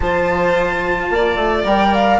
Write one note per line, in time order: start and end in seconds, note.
0.00 1.07 F3
0.00 1.64 F4
0.00 1.12 C5
0.00 1.63 A5
1.09 1.35 A#3
1.09 2.20 D5
1.35 1.63 A3
1.64 2.19 G3
1.64 2.19 A#4
1.64 1.94 G5
1.94 2.20 F5